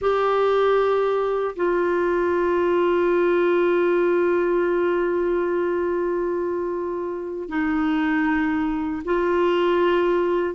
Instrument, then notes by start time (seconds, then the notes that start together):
clarinet
0.01 G4
1.56 F4
7.48 D#4
9.05 F4